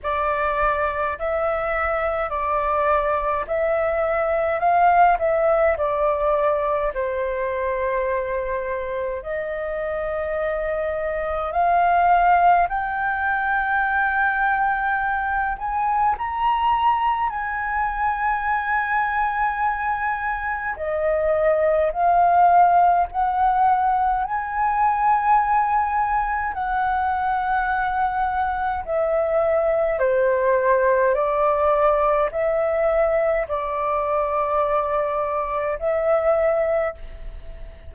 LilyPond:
\new Staff \with { instrumentName = "flute" } { \time 4/4 \tempo 4 = 52 d''4 e''4 d''4 e''4 | f''8 e''8 d''4 c''2 | dis''2 f''4 g''4~ | g''4. gis''8 ais''4 gis''4~ |
gis''2 dis''4 f''4 | fis''4 gis''2 fis''4~ | fis''4 e''4 c''4 d''4 | e''4 d''2 e''4 | }